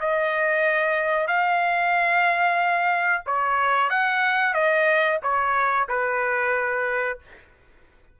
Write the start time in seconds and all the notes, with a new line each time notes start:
0.00 D#5
1.28 F5
3.26 C#5
3.90 F#5
4.54 D#5
5.23 C#5
5.89 B4